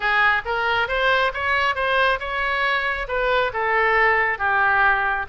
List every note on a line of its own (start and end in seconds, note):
0.00 0.42 G#4
0.45 0.88 A#4
0.88 1.32 C5
1.33 1.75 C#5
1.75 2.19 C5
2.19 3.07 C#5
3.08 3.52 B4
3.53 4.38 A4
4.38 5.26 G4